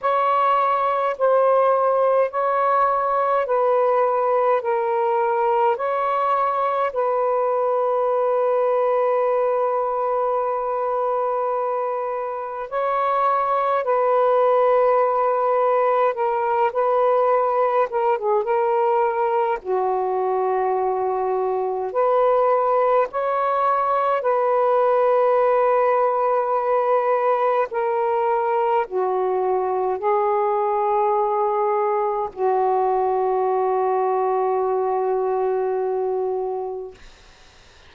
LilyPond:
\new Staff \with { instrumentName = "saxophone" } { \time 4/4 \tempo 4 = 52 cis''4 c''4 cis''4 b'4 | ais'4 cis''4 b'2~ | b'2. cis''4 | b'2 ais'8 b'4 ais'16 gis'16 |
ais'4 fis'2 b'4 | cis''4 b'2. | ais'4 fis'4 gis'2 | fis'1 | }